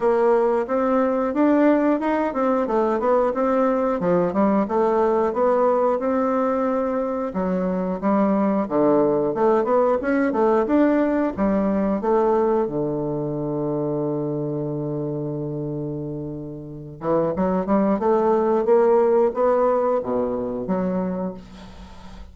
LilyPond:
\new Staff \with { instrumentName = "bassoon" } { \time 4/4 \tempo 4 = 90 ais4 c'4 d'4 dis'8 c'8 | a8 b8 c'4 f8 g8 a4 | b4 c'2 fis4 | g4 d4 a8 b8 cis'8 a8 |
d'4 g4 a4 d4~ | d1~ | d4. e8 fis8 g8 a4 | ais4 b4 b,4 fis4 | }